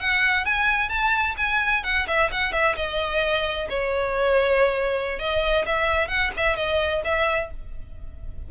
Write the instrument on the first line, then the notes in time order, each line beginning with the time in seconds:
violin
0.00 F#5
0.45 G#5
0.89 A5
1.37 G#5
1.84 F#5
2.07 E5
2.31 F#5
2.53 E5
2.76 D#5
3.69 C#5
5.19 D#5
5.66 E5
6.08 F#5
6.37 E5
6.56 D#5
7.04 E5